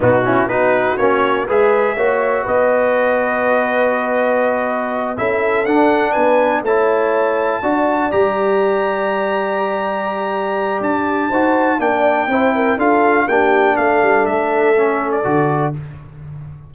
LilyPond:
<<
  \new Staff \with { instrumentName = "trumpet" } { \time 4/4 \tempo 4 = 122 fis'4 b'4 cis''4 e''4~ | e''4 dis''2.~ | dis''2~ dis''8 e''4 fis''8~ | fis''8 gis''4 a''2~ a''8~ |
a''8 ais''2.~ ais''8~ | ais''2 a''2 | g''2 f''4 g''4 | f''4 e''4.~ e''16 d''4~ d''16 | }
  \new Staff \with { instrumentName = "horn" } { \time 4/4 dis'8 e'8 fis'2 b'4 | cis''4 b'2.~ | b'2~ b'8 a'4.~ | a'8 b'4 cis''2 d''8~ |
d''1~ | d''2. c''4 | d''4 c''8 ais'8 a'4 g'4 | a'1 | }
  \new Staff \with { instrumentName = "trombone" } { \time 4/4 b8 cis'8 dis'4 cis'4 gis'4 | fis'1~ | fis'2~ fis'8 e'4 d'8~ | d'4. e'2 fis'8~ |
fis'8 g'2.~ g'8~ | g'2. fis'4 | d'4 e'4 f'4 d'4~ | d'2 cis'4 fis'4 | }
  \new Staff \with { instrumentName = "tuba" } { \time 4/4 b,4 b4 ais4 gis4 | ais4 b2.~ | b2~ b8 cis'4 d'8~ | d'8 b4 a2 d'8~ |
d'8 g2.~ g8~ | g2 d'4 dis'4 | ais4 c'4 d'4 ais4 | a8 g8 a2 d4 | }
>>